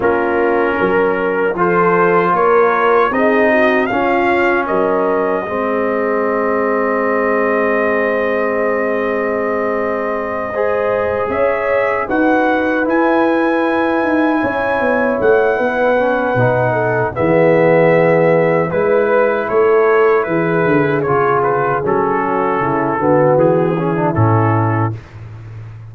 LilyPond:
<<
  \new Staff \with { instrumentName = "trumpet" } { \time 4/4 \tempo 4 = 77 ais'2 c''4 cis''4 | dis''4 f''4 dis''2~ | dis''1~ | dis''2~ dis''8 e''4 fis''8~ |
fis''8 gis''2. fis''8~ | fis''2 e''2 | b'4 cis''4 b'4 cis''8 b'8 | a'2 gis'4 a'4 | }
  \new Staff \with { instrumentName = "horn" } { \time 4/4 f'4 ais'4 a'4 ais'4 | gis'8 fis'8 f'4 ais'4 gis'4~ | gis'1~ | gis'4. c''4 cis''4 b'8~ |
b'2~ b'8 cis''4. | b'4. a'8 gis'2 | b'4 a'4 gis'2~ | gis'8 fis'8 e'8 fis'4 e'4. | }
  \new Staff \with { instrumentName = "trombone" } { \time 4/4 cis'2 f'2 | dis'4 cis'2 c'4~ | c'1~ | c'4. gis'2 fis'8~ |
fis'8 e'2.~ e'8~ | e'8 cis'8 dis'4 b2 | e'2. f'4 | cis'4. b4 cis'16 d'16 cis'4 | }
  \new Staff \with { instrumentName = "tuba" } { \time 4/4 ais4 fis4 f4 ais4 | c'4 cis'4 fis4 gis4~ | gis1~ | gis2~ gis8 cis'4 dis'8~ |
dis'8 e'4. dis'8 cis'8 b8 a8 | b4 b,4 e2 | gis4 a4 e8 d8 cis4 | fis4 cis8 d8 e4 a,4 | }
>>